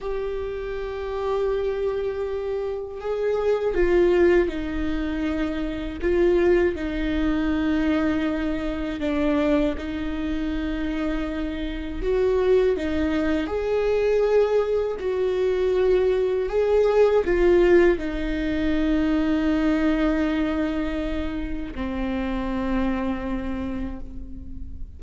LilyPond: \new Staff \with { instrumentName = "viola" } { \time 4/4 \tempo 4 = 80 g'1 | gis'4 f'4 dis'2 | f'4 dis'2. | d'4 dis'2. |
fis'4 dis'4 gis'2 | fis'2 gis'4 f'4 | dis'1~ | dis'4 c'2. | }